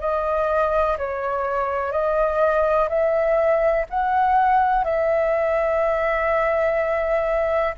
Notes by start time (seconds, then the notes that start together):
0.00 D#5
0.98 C#5
1.91 D#5
2.89 E5
3.89 F#5
4.84 E5